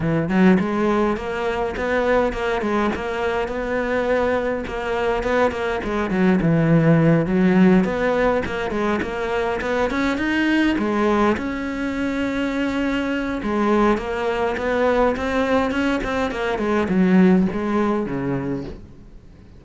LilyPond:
\new Staff \with { instrumentName = "cello" } { \time 4/4 \tempo 4 = 103 e8 fis8 gis4 ais4 b4 | ais8 gis8 ais4 b2 | ais4 b8 ais8 gis8 fis8 e4~ | e8 fis4 b4 ais8 gis8 ais8~ |
ais8 b8 cis'8 dis'4 gis4 cis'8~ | cis'2. gis4 | ais4 b4 c'4 cis'8 c'8 | ais8 gis8 fis4 gis4 cis4 | }